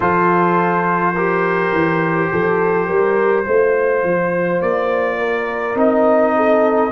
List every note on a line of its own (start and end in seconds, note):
0.00 1.71 F3
0.00 1.15 F4
0.00 1.14 A4
0.00 4.61 C5
1.14 3.45 G4
1.14 2.29 A#4
1.72 2.30 E3
2.31 2.88 F3
2.31 2.87 A4
2.87 3.46 G3
2.87 3.44 A#4
3.45 4.03 A3
3.45 5.75 F4
3.45 5.18 C5
4.03 4.61 F3
4.61 5.75 A#3
4.61 5.76 D5
5.18 6.33 A#4
5.75 6.90 C4
5.75 6.91 D#4
5.75 6.91 D#5
6.36 6.91 A4